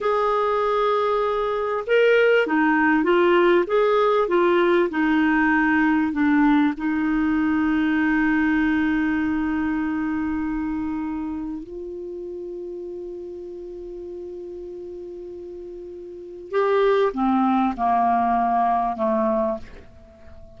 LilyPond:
\new Staff \with { instrumentName = "clarinet" } { \time 4/4 \tempo 4 = 98 gis'2. ais'4 | dis'4 f'4 gis'4 f'4 | dis'2 d'4 dis'4~ | dis'1~ |
dis'2. f'4~ | f'1~ | f'2. g'4 | c'4 ais2 a4 | }